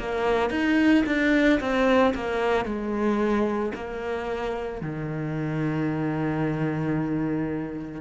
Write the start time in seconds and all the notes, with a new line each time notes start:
0.00 A#3
0.51 D#4
1.07 D4
1.61 C4
2.15 A#3
2.66 G#3
3.75 A#3
4.82 D#3